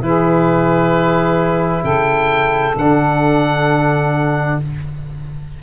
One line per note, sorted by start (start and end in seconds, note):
0.00 1.82 E3
0.00 2.74 E4
0.00 1.83 G#4
0.00 1.84 B4
1.83 2.74 C#3
1.83 4.55 A4
1.83 2.75 G5
2.76 4.58 D3
2.76 4.62 D4
2.76 4.60 F#5